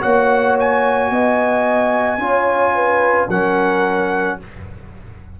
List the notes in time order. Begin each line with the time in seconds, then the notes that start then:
0.00 A#3 F#4 C#5 F#5
0.59 G#5
1.10 B3 D#5
2.17 C#4 F4 C#5
2.75 B4
3.28 F#3 C#4 A#4 F#5